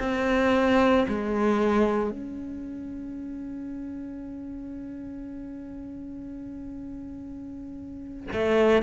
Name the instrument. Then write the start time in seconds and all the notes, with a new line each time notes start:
cello
0.00 C4
1.09 G#3
2.11 C#4
8.33 A3